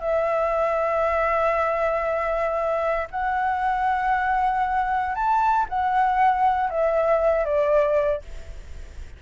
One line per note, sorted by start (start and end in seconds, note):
0.00 3.08 E5
3.11 5.15 F#5
5.15 5.66 A5
5.69 6.70 F#5
6.70 7.45 E5
7.45 8.22 D5